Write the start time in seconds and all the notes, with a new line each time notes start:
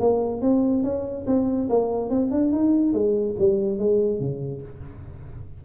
0.00 A#3
0.41 C4
0.84 C#4
1.27 C4
1.69 A#3
2.10 C4
2.31 D4
2.52 D#4
2.93 G#3
3.39 G3
3.79 G#3
4.20 C#3